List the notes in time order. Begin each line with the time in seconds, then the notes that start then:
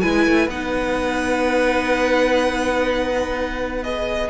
0.00 G#3 E4 B4 G#5
0.26 A3
0.47 B3 D#4 F#5
3.83 G#4 D#5